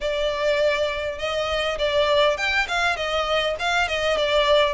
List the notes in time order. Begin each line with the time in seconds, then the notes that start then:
0.01 D5
1.18 D#5
1.78 D5
2.37 G5
2.68 F5
2.96 D#5
3.59 F5
3.87 D#5
4.17 D5